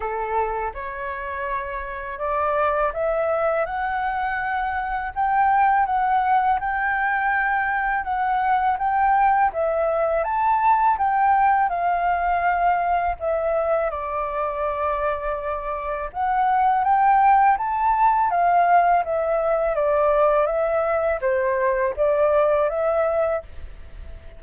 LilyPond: \new Staff \with { instrumentName = "flute" } { \time 4/4 \tempo 4 = 82 a'4 cis''2 d''4 | e''4 fis''2 g''4 | fis''4 g''2 fis''4 | g''4 e''4 a''4 g''4 |
f''2 e''4 d''4~ | d''2 fis''4 g''4 | a''4 f''4 e''4 d''4 | e''4 c''4 d''4 e''4 | }